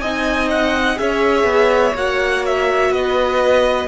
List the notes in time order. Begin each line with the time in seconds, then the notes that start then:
0.00 C4 D#4 D#5 G#5
0.51 F#5
0.96 C#4 G#4 C#5 E5
1.44 B3
1.95 A#3 F#4 F#5
2.46 E5
2.91 B3 B4 D#5